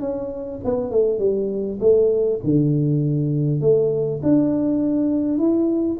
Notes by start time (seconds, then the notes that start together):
0.00 C#4
0.64 B3
0.91 A3
1.19 G3
1.80 A3
2.43 D3
3.61 A3
4.23 D4
5.38 E4